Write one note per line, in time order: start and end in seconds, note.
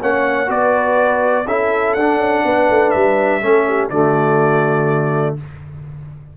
0.00 0.49 A#3
0.00 0.47 C#4
0.00 0.49 C#5
0.00 0.50 F#5
0.47 1.46 B3
0.47 1.44 F#4
0.47 1.47 B4
0.47 1.47 D5
1.47 1.96 C#4
1.47 1.98 E4
1.47 2.45 A4
1.47 1.93 E5
1.93 2.16 D4
1.93 3.41 D4
1.93 2.90 F#5
2.16 2.41 C#4
2.44 2.69 B3
2.44 3.42 B4
2.69 2.94 A3
2.90 3.42 G3
2.90 3.88 E5
3.41 3.90 A3
3.41 3.90 C#4
3.41 3.67 A4
3.67 3.90 G4
3.89 5.36 D3
3.89 5.37 A3
3.89 5.36 F#4
3.89 5.36 D5